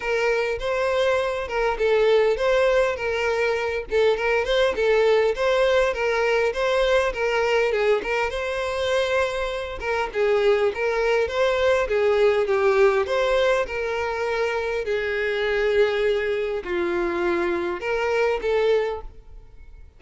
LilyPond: \new Staff \with { instrumentName = "violin" } { \time 4/4 \tempo 4 = 101 ais'4 c''4. ais'8 a'4 | c''4 ais'4. a'8 ais'8 c''8 | a'4 c''4 ais'4 c''4 | ais'4 gis'8 ais'8 c''2~ |
c''8 ais'8 gis'4 ais'4 c''4 | gis'4 g'4 c''4 ais'4~ | ais'4 gis'2. | f'2 ais'4 a'4 | }